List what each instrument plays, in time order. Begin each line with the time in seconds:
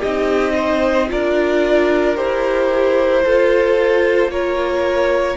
0.00 cello C4, viola D#4, violin G4 D#5
0.55 violin C5
1.09 cello D4, viola F4, violin A#4 D5
2.16 cello E4, viola G4, violin C5
3.24 viola F4, cello F4, violin A4
4.28 cello A#3, violin A#4 C#5